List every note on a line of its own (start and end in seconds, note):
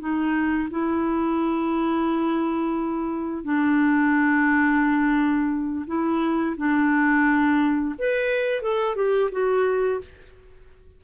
0.00 0.69 D#4
0.71 3.45 E4
3.45 5.86 D4
5.87 6.56 E4
6.57 7.95 D4
7.98 8.62 B4
8.62 8.96 A4
8.96 9.30 G4
9.32 10.01 F#4